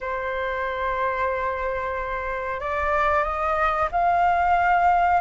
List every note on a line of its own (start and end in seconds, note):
0.00 2.60 C5
2.60 3.23 D5
3.23 3.88 D#5
3.91 5.21 F5